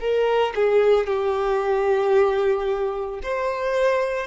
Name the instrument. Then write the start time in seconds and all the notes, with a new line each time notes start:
violin
0.00 A#4
0.55 G#4
1.07 G4
3.23 C5